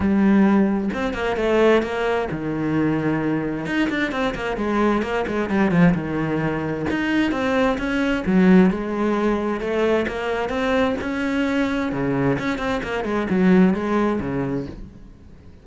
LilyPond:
\new Staff \with { instrumentName = "cello" } { \time 4/4 \tempo 4 = 131 g2 c'8 ais8 a4 | ais4 dis2. | dis'8 d'8 c'8 ais8 gis4 ais8 gis8 | g8 f8 dis2 dis'4 |
c'4 cis'4 fis4 gis4~ | gis4 a4 ais4 c'4 | cis'2 cis4 cis'8 c'8 | ais8 gis8 fis4 gis4 cis4 | }